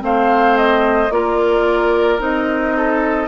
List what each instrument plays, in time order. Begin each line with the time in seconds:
0.00 bassoon A3, clarinet C4, oboe C5, flute F5
0.57 flute D#5
1.10 bassoon A#3, clarinet F4, oboe A#4, flute D5
2.19 bassoon C4, clarinet D#4, flute D#5
2.77 oboe A4